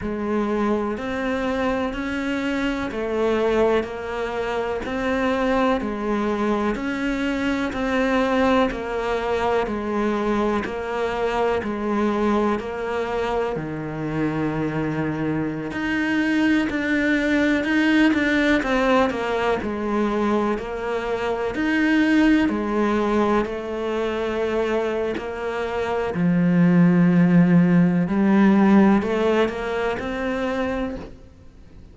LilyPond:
\new Staff \with { instrumentName = "cello" } { \time 4/4 \tempo 4 = 62 gis4 c'4 cis'4 a4 | ais4 c'4 gis4 cis'4 | c'4 ais4 gis4 ais4 | gis4 ais4 dis2~ |
dis16 dis'4 d'4 dis'8 d'8 c'8 ais16~ | ais16 gis4 ais4 dis'4 gis8.~ | gis16 a4.~ a16 ais4 f4~ | f4 g4 a8 ais8 c'4 | }